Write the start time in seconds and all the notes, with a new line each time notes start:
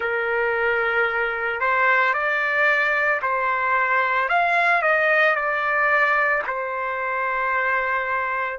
0.00 A#4
1.60 C5
2.13 D5
3.21 C5
4.29 F5
4.82 D#5
5.35 D5
6.46 C5